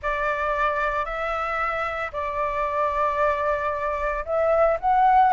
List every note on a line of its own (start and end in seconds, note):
0.02 1.05 D5
1.05 2.11 E5
2.12 4.24 D5
4.25 4.78 E5
4.80 5.33 F#5